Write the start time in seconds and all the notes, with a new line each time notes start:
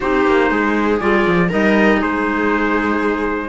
0.00 C4 D#4 G4 C5
0.26 A#3
0.50 G#3 G#4
1.00 G3 F4 D5
1.26 F3
1.48 G3 D#4 A#4 D#5
1.99 G#3 G#4 C5